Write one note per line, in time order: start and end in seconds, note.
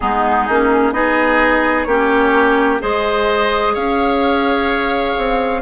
0.00 0.48 G#3
0.00 0.48 B3
0.00 0.94 D#4
0.00 0.93 G#4
0.48 0.92 A#3
0.48 0.93 C#4
0.92 1.86 B3
0.92 1.86 D#4
0.92 1.87 G#4
0.92 1.83 D#5
1.83 2.79 A#3
1.83 2.80 C#4
1.83 2.81 G4
1.83 2.77 C#5
2.80 3.76 G#3
2.80 5.61 G#4
2.80 3.74 C5
2.80 3.75 D#5
3.74 5.16 C#4
3.74 5.61 C#5
3.74 5.62 F5
5.17 5.62 C4